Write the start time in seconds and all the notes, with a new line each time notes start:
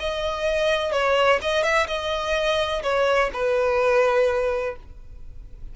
0.00 D#5
0.93 C#5
1.42 D#5
1.64 E5
1.88 D#5
2.84 C#5
3.34 B4